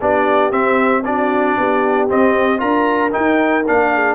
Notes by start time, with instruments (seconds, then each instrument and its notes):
0.00 tuba B3, trombone D4, horn G4, trumpet D5
0.52 trombone C4, tuba C4, trumpet E5
1.05 trombone D4, horn F#4, trumpet D5
1.58 tuba B3, horn G4
2.09 trombone C4, tuba C4, trumpet D#5
2.58 tuba D4, trombone F4, horn A#4, trumpet A#5
3.12 trombone D#4, tuba D#4, trumpet G5
3.67 tuba A#3, trombone D4, trumpet F5
3.93 horn G#4